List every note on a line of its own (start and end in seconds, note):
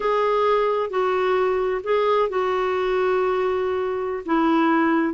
0.00 0.89 G#4
0.89 1.81 F#4
1.83 2.29 G#4
2.29 4.23 F#4
4.25 5.14 E4